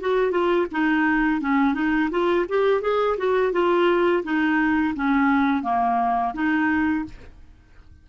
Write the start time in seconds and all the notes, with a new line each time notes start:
0.00 F#4
0.31 F4
0.71 D#4
1.41 C#4
1.74 D#4
2.10 F4
2.49 G4
2.81 G#4
3.17 F#4
3.52 F4
4.23 D#4
4.95 C#4
5.62 A#3
6.34 D#4